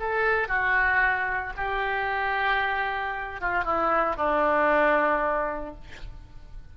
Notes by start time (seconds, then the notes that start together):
0.00 A4
0.49 F#4
1.57 G4
3.41 F4
3.65 E4
4.17 D4